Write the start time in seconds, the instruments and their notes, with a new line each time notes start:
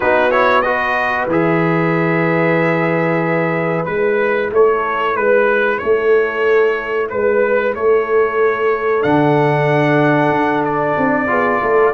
0.00 tuba B3, trombone D#4, horn F#4, trumpet B4
0.31 trombone E4, trumpet C#5
0.61 trombone F#4, horn B4, trumpet D#5
1.26 tuba E3, trombone G#4, trumpet E5
3.85 tuba G#3, trombone E4, trumpet B4
4.50 tuba A3, horn A4, trumpet C#5
5.15 tuba G#3, horn B4, trumpet B4
5.78 tuba A3, horn A4, trumpet C#5
7.09 tuba G#3, trumpet B4, horn B4
7.74 tuba A3, horn A4, trumpet C#5
9.01 tuba D3, trombone D4, trumpet F#5
10.30 tuba D4
10.64 trumpet D5
10.97 tuba C4
11.27 tuba B3, trombone F4, horn G#4
11.61 tuba A3, horn A4